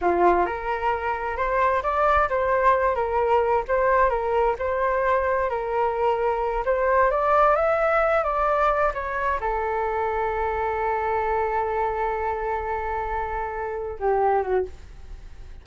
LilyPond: \new Staff \with { instrumentName = "flute" } { \time 4/4 \tempo 4 = 131 f'4 ais'2 c''4 | d''4 c''4. ais'4. | c''4 ais'4 c''2 | ais'2~ ais'8 c''4 d''8~ |
d''8 e''4. d''4. cis''8~ | cis''8 a'2.~ a'8~ | a'1~ | a'2~ a'8 g'4 fis'8 | }